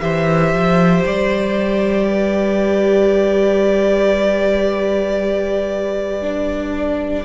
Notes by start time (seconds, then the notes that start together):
0.00 E3 G4 C5 E5
0.53 F3
1.06 G3 D5
2.08 B4
6.22 D4